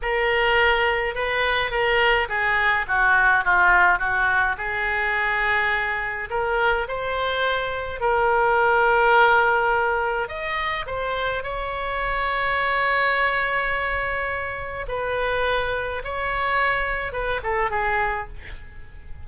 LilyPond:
\new Staff \with { instrumentName = "oboe" } { \time 4/4 \tempo 4 = 105 ais'2 b'4 ais'4 | gis'4 fis'4 f'4 fis'4 | gis'2. ais'4 | c''2 ais'2~ |
ais'2 dis''4 c''4 | cis''1~ | cis''2 b'2 | cis''2 b'8 a'8 gis'4 | }